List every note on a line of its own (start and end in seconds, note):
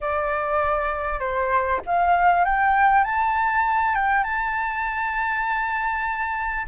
0.01 1.19 D5
1.19 1.80 C5
1.86 2.44 F5
2.44 3.04 G5
3.04 3.94 A5
3.94 4.23 G5
4.23 6.66 A5